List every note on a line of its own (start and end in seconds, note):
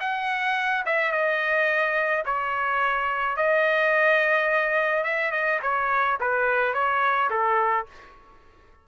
0.00 0.84 F#5
0.86 1.11 E5
1.11 2.24 D#5
2.25 3.36 C#5
3.36 5.04 D#5
5.04 5.31 E5
5.31 5.59 D#5
5.62 6.18 C#5
6.20 6.73 B4
6.73 7.29 C#5
7.30 7.86 A4